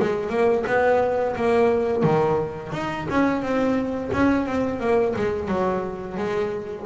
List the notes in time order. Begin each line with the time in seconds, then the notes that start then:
0.00 G#3
0.30 A#3
0.67 B3
1.36 A#3
2.03 D#3
2.73 D#4
3.10 C#4
3.42 C4
4.13 C#4
4.46 C4
4.80 A#3
5.16 G#3
5.48 F#3
6.18 G#3